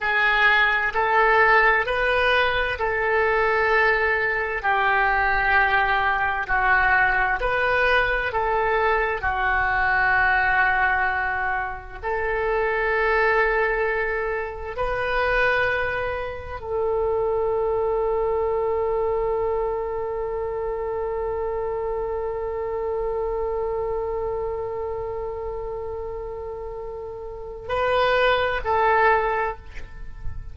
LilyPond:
\new Staff \with { instrumentName = "oboe" } { \time 4/4 \tempo 4 = 65 gis'4 a'4 b'4 a'4~ | a'4 g'2 fis'4 | b'4 a'4 fis'2~ | fis'4 a'2. |
b'2 a'2~ | a'1~ | a'1~ | a'2 b'4 a'4 | }